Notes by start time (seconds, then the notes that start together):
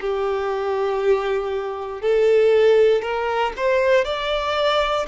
0.00 G4
2.01 A4
3.01 A#4
3.56 C5
4.04 D5